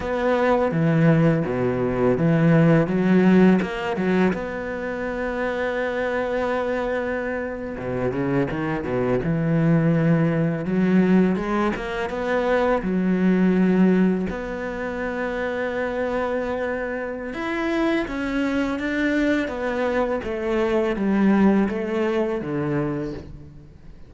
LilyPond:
\new Staff \with { instrumentName = "cello" } { \time 4/4 \tempo 4 = 83 b4 e4 b,4 e4 | fis4 ais8 fis8 b2~ | b2~ b8. b,8 cis8 dis16~ | dis16 b,8 e2 fis4 gis16~ |
gis16 ais8 b4 fis2 b16~ | b1 | e'4 cis'4 d'4 b4 | a4 g4 a4 d4 | }